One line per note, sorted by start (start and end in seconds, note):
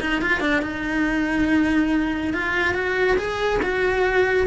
0.00 0.21 D#4
0.22 0.40 F4
0.40 0.62 D4
0.62 2.33 D#4
2.34 2.74 F4
2.74 3.17 F#4
3.17 3.60 G#4
3.62 4.47 F#4